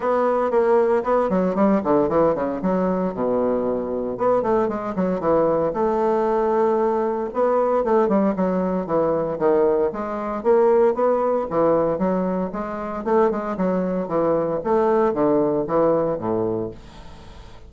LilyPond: \new Staff \with { instrumentName = "bassoon" } { \time 4/4 \tempo 4 = 115 b4 ais4 b8 fis8 g8 d8 | e8 cis8 fis4 b,2 | b8 a8 gis8 fis8 e4 a4~ | a2 b4 a8 g8 |
fis4 e4 dis4 gis4 | ais4 b4 e4 fis4 | gis4 a8 gis8 fis4 e4 | a4 d4 e4 a,4 | }